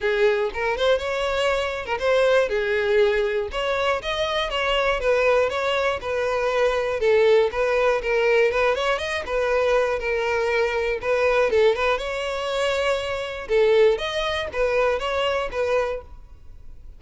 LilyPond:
\new Staff \with { instrumentName = "violin" } { \time 4/4 \tempo 4 = 120 gis'4 ais'8 c''8 cis''4.~ cis''16 ais'16 | c''4 gis'2 cis''4 | dis''4 cis''4 b'4 cis''4 | b'2 a'4 b'4 |
ais'4 b'8 cis''8 dis''8 b'4. | ais'2 b'4 a'8 b'8 | cis''2. a'4 | dis''4 b'4 cis''4 b'4 | }